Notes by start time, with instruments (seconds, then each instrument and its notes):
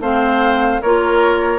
0.00 bassoon A3, clarinet C4, oboe C5, flute F5
0.82 bassoon A#3, clarinet F4, oboe A#4, flute C#5